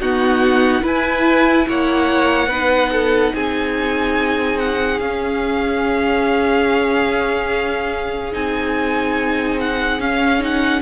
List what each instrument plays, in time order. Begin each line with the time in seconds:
0.00 viola B3, cello D#4, violin F#4 F#5
0.82 viola E4, cello E4, violin B4 G#5
1.69 cello A#3, violin C#5 F#5
2.48 cello B3, viola D#4, violin B4
2.92 violin A4
3.35 cello C4, violin G#4 G#5
4.59 violin F#5
5.00 cello C#4, viola C#4, violin F5
8.32 cello C4, viola D#4, violin G#5
9.61 violin F#5
10.00 cello C#4, viola C#4, violin F5
10.40 viola D#4, violin F#5